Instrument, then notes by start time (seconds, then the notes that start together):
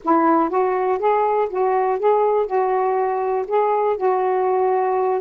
saxophone
0.04 E4
0.49 F#4
0.98 G#4
1.49 F#4
1.99 G#4
2.46 F#4
3.47 G#4
3.96 F#4